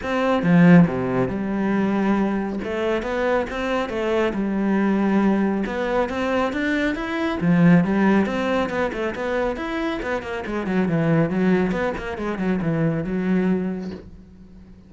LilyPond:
\new Staff \with { instrumentName = "cello" } { \time 4/4 \tempo 4 = 138 c'4 f4 c4 g4~ | g2 a4 b4 | c'4 a4 g2~ | g4 b4 c'4 d'4 |
e'4 f4 g4 c'4 | b8 a8 b4 e'4 b8 ais8 | gis8 fis8 e4 fis4 b8 ais8 | gis8 fis8 e4 fis2 | }